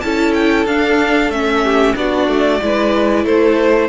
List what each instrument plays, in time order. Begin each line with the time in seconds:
0.00 cello C#4, viola E4, violin A4 A5
0.33 violin G5
0.65 cello D4, viola D4, violin F5
1.29 cello A3, viola C#4, violin E5
1.63 violin G4
1.96 cello B3, viola D4, violin F#4 D5
2.28 cello A3
2.61 cello G#3, viola E4, violin B4
3.25 cello A3, violin A4 C5